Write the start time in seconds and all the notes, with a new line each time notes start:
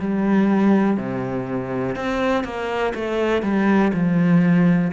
0.00 G3
0.97 C3
1.95 C4
2.44 A#3
2.95 A3
3.42 G3
3.93 F3